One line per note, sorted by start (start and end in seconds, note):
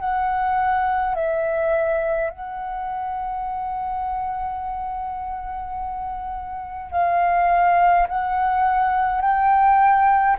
0.00 1.15 F#5
1.15 2.31 E5
2.31 6.92 F#5
6.92 8.08 F5
8.09 9.22 F#5
9.22 10.37 G5